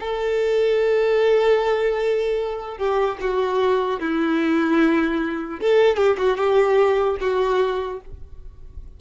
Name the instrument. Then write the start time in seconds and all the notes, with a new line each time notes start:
violin
0.00 A4
2.78 G4
3.21 F#4
4.01 E4
5.61 A4
5.97 G4
6.18 F#4
6.38 G4
7.21 F#4